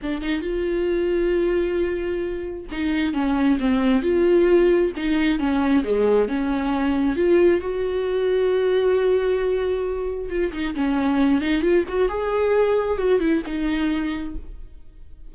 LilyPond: \new Staff \with { instrumentName = "viola" } { \time 4/4 \tempo 4 = 134 d'8 dis'8 f'2.~ | f'2 dis'4 cis'4 | c'4 f'2 dis'4 | cis'4 gis4 cis'2 |
f'4 fis'2.~ | fis'2. f'8 dis'8 | cis'4. dis'8 f'8 fis'8 gis'4~ | gis'4 fis'8 e'8 dis'2 | }